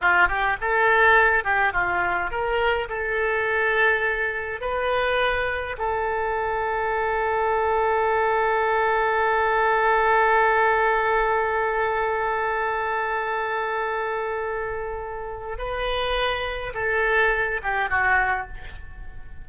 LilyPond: \new Staff \with { instrumentName = "oboe" } { \time 4/4 \tempo 4 = 104 f'8 g'8 a'4. g'8 f'4 | ais'4 a'2. | b'2 a'2~ | a'1~ |
a'1~ | a'1~ | a'2. b'4~ | b'4 a'4. g'8 fis'4 | }